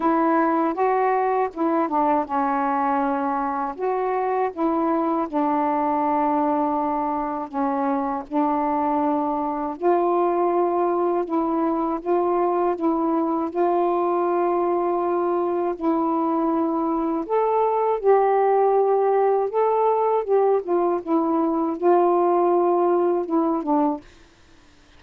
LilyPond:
\new Staff \with { instrumentName = "saxophone" } { \time 4/4 \tempo 4 = 80 e'4 fis'4 e'8 d'8 cis'4~ | cis'4 fis'4 e'4 d'4~ | d'2 cis'4 d'4~ | d'4 f'2 e'4 |
f'4 e'4 f'2~ | f'4 e'2 a'4 | g'2 a'4 g'8 f'8 | e'4 f'2 e'8 d'8 | }